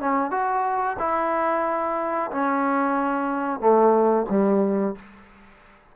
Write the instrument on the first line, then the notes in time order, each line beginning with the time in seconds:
trombone
0.00 C#4
0.31 F#4
0.99 E4
2.31 C#4
3.60 A3
4.30 G3